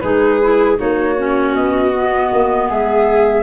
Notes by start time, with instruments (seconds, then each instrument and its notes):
0.00 tuba G#3, clarinet D#4, viola G#4, flute B4
0.41 clarinet E4
0.76 tuba A#3, clarinet D#4, viola F#4, flute C#5
1.18 clarinet C#4
1.54 tuba B3, flute D#5
1.93 clarinet B3
2.32 tuba A#3
2.69 tuba G#3, viola G#4, flute E5